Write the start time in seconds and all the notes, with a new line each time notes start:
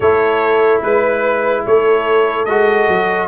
0.00 A3 E4 A4 C#5
0.82 G#3 B4
1.66 A3 A4 C#5
2.45 G#3 F#4 D#5
2.89 F#3